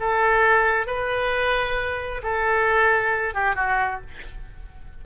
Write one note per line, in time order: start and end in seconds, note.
0.00 0.87 A4
0.87 2.22 B4
2.23 3.34 A4
3.34 3.56 G4
3.56 4.01 F#4